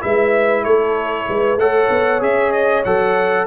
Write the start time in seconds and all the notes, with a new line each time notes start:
0.00 G#3 E4 B4 E5
0.64 A3 A4 C#5
1.29 G#3 B4
1.56 A3 A4 C#5 F#5
1.90 B3
2.20 C#4 G#4 E5
2.52 D#5
2.84 F#3 A4 F#5